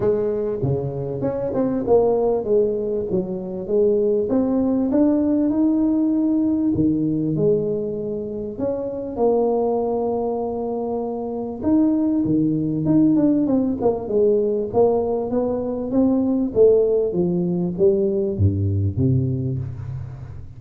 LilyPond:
\new Staff \with { instrumentName = "tuba" } { \time 4/4 \tempo 4 = 98 gis4 cis4 cis'8 c'8 ais4 | gis4 fis4 gis4 c'4 | d'4 dis'2 dis4 | gis2 cis'4 ais4~ |
ais2. dis'4 | dis4 dis'8 d'8 c'8 ais8 gis4 | ais4 b4 c'4 a4 | f4 g4 g,4 c4 | }